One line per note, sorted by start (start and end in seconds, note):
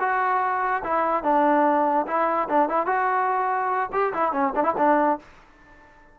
0.00 0.83 F#4
0.84 1.24 E4
1.24 2.06 D4
2.07 2.48 E4
2.49 2.69 D4
2.69 2.86 E4
2.86 3.90 F#4
3.93 4.13 G4
4.13 4.33 E4
4.33 4.53 C#4
4.56 4.64 D4
4.64 4.74 E4
4.78 5.19 D4